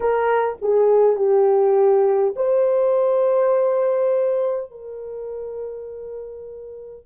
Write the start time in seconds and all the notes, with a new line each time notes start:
0.00 A#4
0.61 G#4
1.16 G4
2.36 C5
4.71 A#4